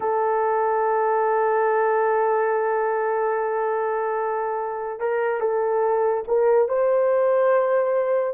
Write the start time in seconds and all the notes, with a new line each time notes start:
0.00 A4
4.99 A#4
5.40 A4
6.27 A#4
6.68 C5